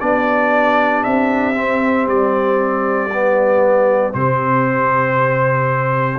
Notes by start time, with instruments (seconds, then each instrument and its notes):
0.00 tuba B3, trombone D4, horn G4, trumpet D5
1.04 tuba C4, trumpet E5
1.55 trombone C4
2.07 tuba G3, trumpet D5
3.13 trombone B3
4.13 tuba C3, trombone C4, trumpet C5